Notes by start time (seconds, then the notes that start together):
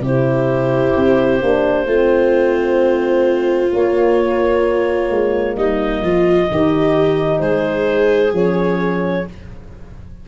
0.00 C3 E4 G4 C5
0.96 C4
1.42 A#3 D4
1.86 A3 C4 F4
3.72 A#3 C#5
5.10 G#3
5.56 G3 D#4 D#5
6.01 F3 F4
6.49 D#3 D#4 G4
7.39 G#3 G#4 C5
8.33 F3 C#4 C#5